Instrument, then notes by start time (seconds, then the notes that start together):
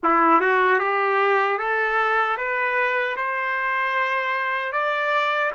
trumpet
0.03 E4
0.40 F#4
0.79 G4
1.58 A4
2.37 B4
3.16 C5
4.72 D5